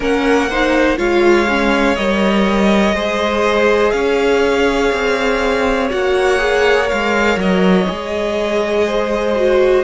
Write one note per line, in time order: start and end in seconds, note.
0.00 0.97 A#3
0.00 0.49 C#4
0.00 0.49 A#4
0.00 0.98 F#5
0.49 0.97 D#4
0.49 0.98 C5
0.97 1.96 G#3
0.97 1.46 F4
0.97 2.94 C#5
0.97 1.96 F5
1.48 1.97 C#4
1.96 2.93 G3
1.96 2.95 A#4
1.96 3.91 D#5
2.93 3.92 G#3
2.93 5.89 G#4
2.93 3.93 C5
3.91 4.91 C#4
3.91 8.85 C#5
3.91 5.87 F5
4.92 5.90 C4
5.89 6.91 A#3
5.89 6.38 F#4
5.89 6.89 F#5
6.38 6.86 G#4
6.86 7.84 A#4
6.86 7.38 F5
6.92 7.36 G#3
7.36 7.86 F#3
7.36 9.84 D#5
7.86 9.84 G#3
7.86 9.34 G#4
8.86 9.84 C5
9.35 9.84 F#4